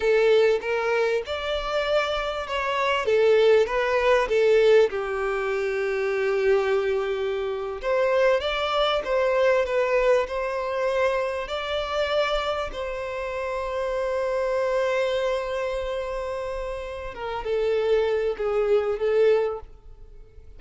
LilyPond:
\new Staff \with { instrumentName = "violin" } { \time 4/4 \tempo 4 = 98 a'4 ais'4 d''2 | cis''4 a'4 b'4 a'4 | g'1~ | g'8. c''4 d''4 c''4 b'16~ |
b'8. c''2 d''4~ d''16~ | d''8. c''2.~ c''16~ | c''1 | ais'8 a'4. gis'4 a'4 | }